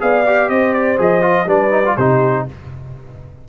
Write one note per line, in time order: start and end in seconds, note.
0.00 0.50 B3
0.00 0.25 G#4
0.00 0.51 D5
0.00 0.50 F5
0.27 0.98 G4
0.50 0.99 C4
0.50 1.47 C5
0.50 0.74 D#5
0.74 0.99 D5
0.98 1.46 F3
0.98 1.22 G#4
0.98 1.49 D#5
1.22 1.47 F4
1.46 1.95 G3
1.46 1.71 D4
1.46 1.97 B4
1.46 1.97 D5
1.71 1.83 D#4
1.86 1.98 F4
1.97 2.47 C3
1.97 2.49 D#4
1.97 2.46 G4
1.97 2.47 C5